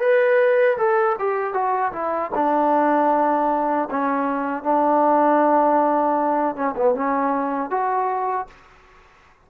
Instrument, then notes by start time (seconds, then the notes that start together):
trombone
0.00 B4
0.77 A4
1.19 G4
1.54 F#4
1.92 E4
2.35 D4
3.90 C#4
4.63 D4
6.56 C#4
6.76 B3
6.95 C#4
7.70 F#4